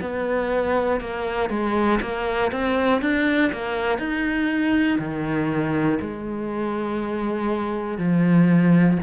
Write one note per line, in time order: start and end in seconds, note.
0.00 1.00 B3
1.00 1.50 A#3
1.50 2.00 G#3
2.01 2.51 A#3
2.51 3.01 C4
3.01 3.51 D4
3.52 3.98 A#3
3.98 4.98 D#4
4.99 5.99 D#3
6.00 7.98 G#3
7.98 8.98 F3